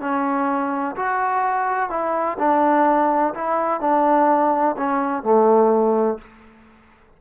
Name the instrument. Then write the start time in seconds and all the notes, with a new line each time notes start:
trombone
0.00 C#4
0.96 F#4
1.90 E4
2.38 D4
3.34 E4
3.80 D4
4.77 C#4
5.23 A3